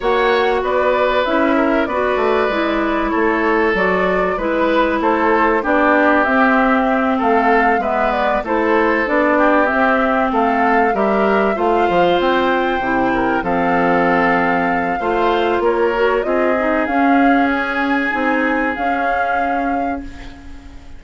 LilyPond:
<<
  \new Staff \with { instrumentName = "flute" } { \time 4/4 \tempo 4 = 96 fis''4 d''4 e''4 d''4~ | d''4 cis''4 d''4 b'4 | c''4 d''4 e''4. f''8~ | f''8 e''8 d''8 c''4 d''4 e''8~ |
e''8 f''4 e''4 f''4 g''8~ | g''4. f''2~ f''8~ | f''4 cis''4 dis''4 f''4 | gis''2 f''2 | }
  \new Staff \with { instrumentName = "oboe" } { \time 4/4 cis''4 b'4. ais'8 b'4~ | b'4 a'2 b'4 | a'4 g'2~ g'8 a'8~ | a'8 b'4 a'4. g'4~ |
g'8 a'4 ais'4 c''4.~ | c''4 ais'8 a'2~ a'8 | c''4 ais'4 gis'2~ | gis'1 | }
  \new Staff \with { instrumentName = "clarinet" } { \time 4/4 fis'2 e'4 fis'4 | e'2 fis'4 e'4~ | e'4 d'4 c'2~ | c'8 b4 e'4 d'4 c'8~ |
c'4. g'4 f'4.~ | f'8 e'4 c'2~ c'8 | f'4. fis'8 f'8 dis'8 cis'4~ | cis'4 dis'4 cis'2 | }
  \new Staff \with { instrumentName = "bassoon" } { \time 4/4 ais4 b4 cis'4 b8 a8 | gis4 a4 fis4 gis4 | a4 b4 c'4. a8~ | a8 gis4 a4 b4 c'8~ |
c'8 a4 g4 a8 f8 c'8~ | c'8 c4 f2~ f8 | a4 ais4 c'4 cis'4~ | cis'4 c'4 cis'2 | }
>>